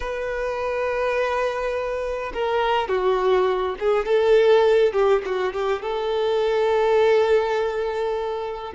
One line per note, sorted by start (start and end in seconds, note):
0.00 2.32 B4
2.33 2.88 A#4
2.88 3.75 F#4
3.79 4.05 G#4
4.05 4.92 A4
4.92 5.22 G4
5.25 5.52 F#4
5.52 5.81 G4
5.82 8.73 A4